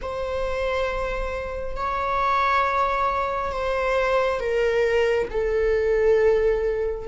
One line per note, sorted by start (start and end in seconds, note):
0.01 1.76 C5
1.76 3.52 C#5
3.52 4.40 C5
4.40 5.28 A#4
5.30 7.07 A4